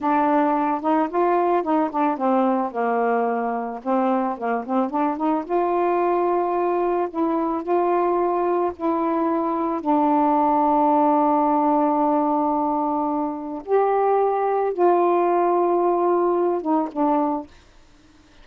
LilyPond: \new Staff \with { instrumentName = "saxophone" } { \time 4/4 \tempo 4 = 110 d'4. dis'8 f'4 dis'8 d'8 | c'4 ais2 c'4 | ais8 c'8 d'8 dis'8 f'2~ | f'4 e'4 f'2 |
e'2 d'2~ | d'1~ | d'4 g'2 f'4~ | f'2~ f'8 dis'8 d'4 | }